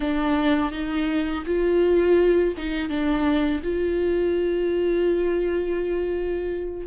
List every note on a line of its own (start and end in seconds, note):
0.00 0.71 D4
0.71 1.43 D#4
1.46 2.54 F4
2.57 2.89 D#4
2.89 3.61 D4
3.63 6.86 F4